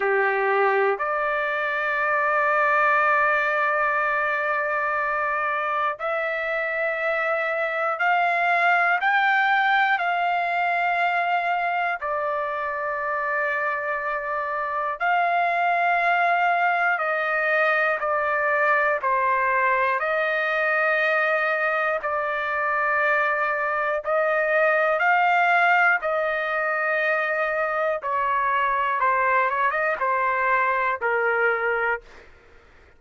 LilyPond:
\new Staff \with { instrumentName = "trumpet" } { \time 4/4 \tempo 4 = 60 g'4 d''2.~ | d''2 e''2 | f''4 g''4 f''2 | d''2. f''4~ |
f''4 dis''4 d''4 c''4 | dis''2 d''2 | dis''4 f''4 dis''2 | cis''4 c''8 cis''16 dis''16 c''4 ais'4 | }